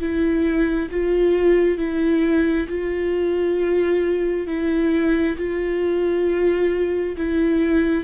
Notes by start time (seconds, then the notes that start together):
0.00 E4
0.92 F4
1.78 E4
2.69 F4
4.47 E4
5.38 F4
7.17 E4